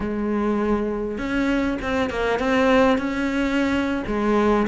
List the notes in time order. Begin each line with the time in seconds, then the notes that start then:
0.00 G#3
1.18 C#4
1.81 C4
2.10 A#3
2.39 C4
2.98 C#4
4.06 G#3